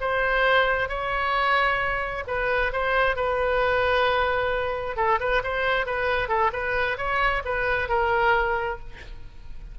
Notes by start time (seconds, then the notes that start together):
0.00 C5
0.89 C#5
2.27 B4
2.72 C5
3.16 B4
4.96 A4
5.20 B4
5.43 C5
5.86 B4
6.28 A4
6.52 B4
6.97 C#5
7.45 B4
7.88 A#4